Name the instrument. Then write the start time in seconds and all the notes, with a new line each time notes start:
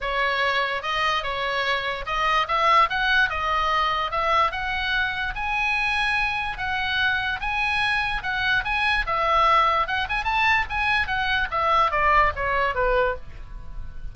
oboe
0.01 C#5
0.82 D#5
1.23 C#5
2.06 D#5
2.48 E5
2.89 F#5
3.29 D#5
4.11 E5
4.51 F#5
5.35 G#5
6.57 F#5
7.40 G#5
8.22 F#5
8.64 G#5
9.06 E5
9.87 F#5
10.09 G#5
10.23 A5
10.69 G#5
11.07 F#5
11.50 E5
11.91 D5
12.35 C#5
12.74 B4